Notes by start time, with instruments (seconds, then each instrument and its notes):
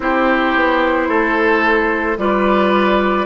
0.00 bassoon C4, clarinet E4, oboe G4, flute C5
0.55 bassoon B3
1.08 bassoon A3, oboe A4
2.17 bassoon G3, clarinet F4, oboe B4, flute D5